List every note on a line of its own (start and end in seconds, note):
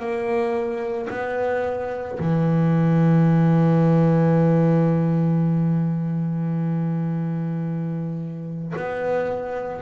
0.00 1.09 A#3
1.10 2.19 B3
2.20 8.74 E3
8.77 9.82 B3